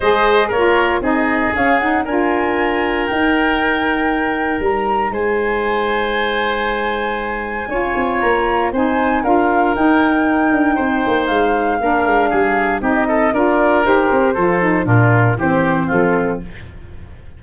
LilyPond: <<
  \new Staff \with { instrumentName = "flute" } { \time 4/4 \tempo 4 = 117 dis''4 cis''4 dis''4 f''8 fis''8 | gis''2 g''2~ | g''4 ais''4 gis''2~ | gis''1 |
ais''4 gis''4 f''4 g''4~ | g''2 f''2~ | f''4 dis''4 d''4 c''4~ | c''4 ais'4 c''4 a'4 | }
  \new Staff \with { instrumentName = "oboe" } { \time 4/4 c''4 ais'4 gis'2 | ais'1~ | ais'2 c''2~ | c''2. cis''4~ |
cis''4 c''4 ais'2~ | ais'4 c''2 ais'4 | gis'4 g'8 a'8 ais'2 | a'4 f'4 g'4 f'4 | }
  \new Staff \with { instrumentName = "saxophone" } { \time 4/4 gis'4 f'4 dis'4 cis'8 dis'8 | f'2 dis'2~ | dis'1~ | dis'2. f'4~ |
f'4 dis'4 f'4 dis'4~ | dis'2. d'4~ | d'4 dis'4 f'4 g'4 | f'8 dis'8 d'4 c'2 | }
  \new Staff \with { instrumentName = "tuba" } { \time 4/4 gis4 ais4 c'4 cis'4 | d'2 dis'2~ | dis'4 g4 gis2~ | gis2. cis'8 c'8 |
ais4 c'4 d'4 dis'4~ | dis'8 d'8 c'8 ais8 gis4 ais8 gis8 | g4 c'4 d'4 dis'8 c'8 | f4 ais,4 e4 f4 | }
>>